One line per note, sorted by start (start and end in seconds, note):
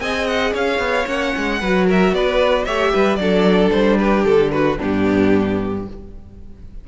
0.00 0.53 C4
0.00 1.06 G#4
0.00 0.52 D#5
0.00 0.27 G#5
0.27 0.53 F#5
0.52 0.78 C#4
0.52 1.59 C#5
0.52 1.07 F5
0.78 1.05 B3
1.06 1.33 A#3
1.06 1.59 C#4
1.06 1.87 F#5
1.37 1.62 G#3
1.60 2.12 F#3
1.60 2.66 F#4
1.60 1.87 B4
1.87 2.13 A#4
1.87 2.14 E5
2.12 2.65 B3
2.12 2.65 B4
2.12 2.64 D5
2.64 2.93 A3
2.64 3.19 G4
2.64 2.92 C#5
2.64 3.16 E5
2.92 3.17 G3
2.92 3.19 B4
3.16 3.70 F#3
3.16 4.78 D4
3.16 3.99 A4
3.16 3.69 D5
3.71 4.25 G3
3.71 3.98 C5
3.98 4.52 G4
3.98 4.25 B4
4.25 4.78 D3
4.25 4.51 A4
4.52 4.78 F#4
4.52 4.78 B4
4.78 5.88 G2
4.78 5.84 B3
4.78 5.84 D4
4.78 5.88 G4